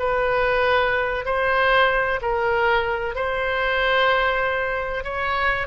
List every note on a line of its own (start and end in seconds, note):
0.00 1.26 B4
1.26 2.20 C5
2.22 3.16 A#4
3.16 5.04 C5
5.04 5.68 C#5